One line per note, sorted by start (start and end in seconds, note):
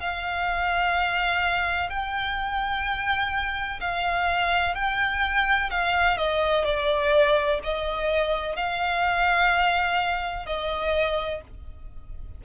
0.00 1.90 F5
1.90 3.80 G5
3.81 4.75 F5
4.75 5.70 G5
5.71 6.17 F5
6.17 6.64 D#5
6.64 7.59 D5
7.63 8.56 D#5
8.56 10.46 F5
10.46 11.41 D#5